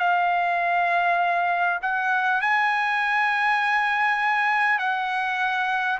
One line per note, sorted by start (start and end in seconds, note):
0.00 1.80 F5
1.82 2.42 F#5
2.42 4.79 G#5
4.79 5.99 F#5